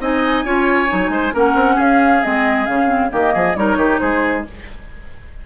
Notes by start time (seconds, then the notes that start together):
0.00 C4 D#4 D#5 G#5
0.45 C#4 F4 C#5
0.88 F#3 D#4
1.10 G#3 C5
1.34 A#3 C#4 A#4 F#5
1.55 C4
1.75 C#4 G#4 F5
2.23 G#3 C4 D#5
2.66 C#3 C#4 F5
2.87 C4
3.10 D#3 A#3 G4 D#5
3.34 F3 G#4
3.56 G3 D#4 A#4 C#5
3.77 D#3 G4
3.99 G#3 G#4 C5